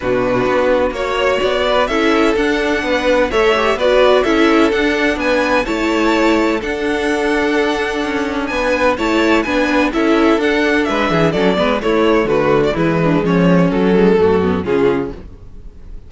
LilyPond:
<<
  \new Staff \with { instrumentName = "violin" } { \time 4/4 \tempo 4 = 127 b'2 cis''4 d''4 | e''4 fis''2 e''4 | d''4 e''4 fis''4 gis''4 | a''2 fis''2~ |
fis''2 gis''4 a''4 | gis''4 e''4 fis''4 e''4 | d''4 cis''4 b'8. d''16 b'4 | cis''4 a'2 gis'4 | }
  \new Staff \with { instrumentName = "violin" } { \time 4/4 fis'2 cis''4. b'8 | a'2 b'4 cis''4 | b'4 a'2 b'4 | cis''2 a'2~ |
a'2 b'4 cis''4 | b'4 a'2 b'8 gis'8 | a'8 b'8 e'4 fis'4 e'8 d'8 | cis'2 fis'4 f'4 | }
  \new Staff \with { instrumentName = "viola" } { \time 4/4 d'2 fis'2 | e'4 d'2 a'8 g'8 | fis'4 e'4 d'2 | e'2 d'2~ |
d'2. e'4 | d'4 e'4 d'2 | cis'8 b8 a2 gis4~ | gis4 fis8 gis8 a8 b8 cis'4 | }
  \new Staff \with { instrumentName = "cello" } { \time 4/4 b,4 b4 ais4 b4 | cis'4 d'4 b4 a4 | b4 cis'4 d'4 b4 | a2 d'2~ |
d'4 cis'4 b4 a4 | b4 cis'4 d'4 gis8 e8 | fis8 gis8 a4 d4 e4 | f4 fis4 fis,4 cis4 | }
>>